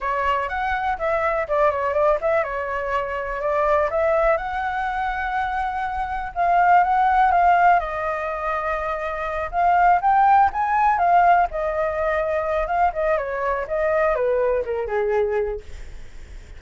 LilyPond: \new Staff \with { instrumentName = "flute" } { \time 4/4 \tempo 4 = 123 cis''4 fis''4 e''4 d''8 cis''8 | d''8 e''8 cis''2 d''4 | e''4 fis''2.~ | fis''4 f''4 fis''4 f''4 |
dis''2.~ dis''8 f''8~ | f''8 g''4 gis''4 f''4 dis''8~ | dis''2 f''8 dis''8 cis''4 | dis''4 b'4 ais'8 gis'4. | }